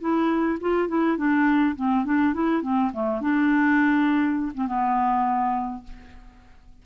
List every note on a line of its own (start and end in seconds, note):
0.00 0.58 E4
0.61 0.88 F4
0.88 1.17 E4
1.17 1.75 D4
1.76 2.05 C4
2.05 2.34 D4
2.34 2.62 E4
2.62 2.91 C4
2.93 3.21 A3
3.21 4.52 D4
4.54 4.67 C4
4.67 5.84 B3